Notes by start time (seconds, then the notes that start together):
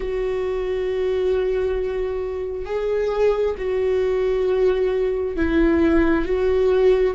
0.00 F#4
2.65 G#4
3.57 F#4
5.36 E4
6.24 F#4